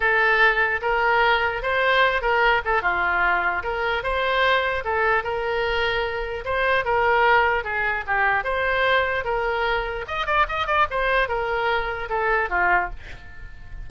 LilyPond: \new Staff \with { instrumentName = "oboe" } { \time 4/4 \tempo 4 = 149 a'2 ais'2 | c''4. ais'4 a'8 f'4~ | f'4 ais'4 c''2 | a'4 ais'2. |
c''4 ais'2 gis'4 | g'4 c''2 ais'4~ | ais'4 dis''8 d''8 dis''8 d''8 c''4 | ais'2 a'4 f'4 | }